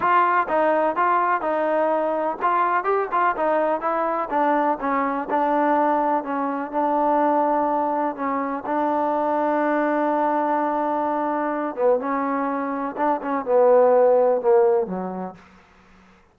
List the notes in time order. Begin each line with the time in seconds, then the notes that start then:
0.00 F4
0.48 D#4
0.96 F4
1.41 D#4
2.42 F4
2.84 G4
3.11 F4
3.36 D#4
3.81 E4
4.30 D4
4.80 C#4
5.30 D4
6.23 C#4
6.71 D4
8.15 C#4
8.65 D4
11.75 B3
11.99 C#4
12.96 D4
13.22 C#4
13.45 B3
14.41 A#3
14.87 F#3